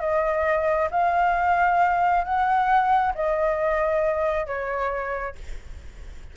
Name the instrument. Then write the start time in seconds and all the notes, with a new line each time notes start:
flute
0.00 D#5
0.91 F5
2.24 F#5
3.15 D#5
4.46 C#5